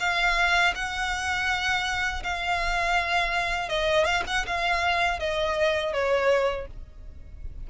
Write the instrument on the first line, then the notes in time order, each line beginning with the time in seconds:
violin
0.00 F5
0.75 F#5
2.24 F5
3.69 D#5
4.05 F5
4.27 F#5
4.47 F5
5.20 D#5
5.93 C#5